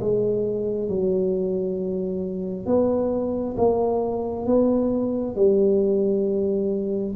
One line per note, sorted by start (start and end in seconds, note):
0.00 0.89 G#3
0.89 2.66 F#3
2.66 3.56 B3
3.57 4.46 A#3
4.46 5.36 B3
5.36 7.15 G3